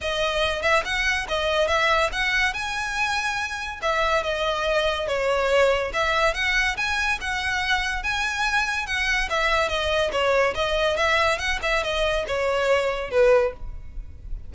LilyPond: \new Staff \with { instrumentName = "violin" } { \time 4/4 \tempo 4 = 142 dis''4. e''8 fis''4 dis''4 | e''4 fis''4 gis''2~ | gis''4 e''4 dis''2 | cis''2 e''4 fis''4 |
gis''4 fis''2 gis''4~ | gis''4 fis''4 e''4 dis''4 | cis''4 dis''4 e''4 fis''8 e''8 | dis''4 cis''2 b'4 | }